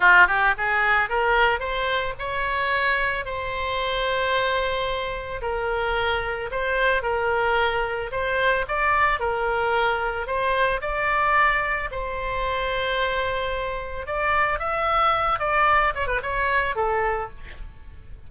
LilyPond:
\new Staff \with { instrumentName = "oboe" } { \time 4/4 \tempo 4 = 111 f'8 g'8 gis'4 ais'4 c''4 | cis''2 c''2~ | c''2 ais'2 | c''4 ais'2 c''4 |
d''4 ais'2 c''4 | d''2 c''2~ | c''2 d''4 e''4~ | e''8 d''4 cis''16 b'16 cis''4 a'4 | }